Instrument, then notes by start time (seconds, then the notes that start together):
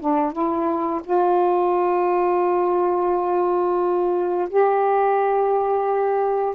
saxophone
0.00 D4
0.33 E4
1.04 F4
4.50 G4